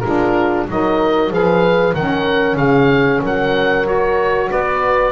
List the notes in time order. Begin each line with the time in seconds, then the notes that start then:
0.00 G#3 D4 F4 A#4
0.69 F#3 D#4 A#4 D#5
1.30 F3 G#4 B4 F5
1.94 D#3 C#4 A#4 F#5
2.56 C#3 G#4 F5
3.22 F#3 A#4 F#5
3.84 F#4 C#5
4.51 B3 B4 D5